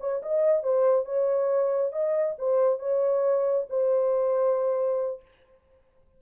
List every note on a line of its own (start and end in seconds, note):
0.00 0.22 C#5
0.22 0.63 D#5
0.63 1.06 C5
1.06 1.92 C#5
1.92 2.36 D#5
2.39 2.79 C5
2.79 3.66 C#5
3.70 5.22 C5